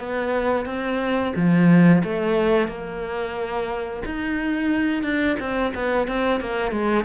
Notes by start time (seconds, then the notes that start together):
0.00 B3
0.66 C4
1.36 F3
2.04 A3
2.68 A#3
4.06 D#4
5.03 D4
5.40 C4
5.75 B3
6.08 C4
6.41 A#3
6.72 G#3